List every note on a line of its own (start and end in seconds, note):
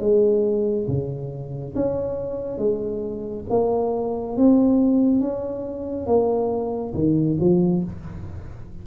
0.00 0.87 G#3
0.87 1.74 C#3
1.75 2.58 C#4
2.58 3.45 G#3
3.50 4.37 A#3
4.37 5.21 C4
5.21 6.07 C#4
6.07 6.94 A#3
6.94 7.38 D#3
7.40 7.83 F3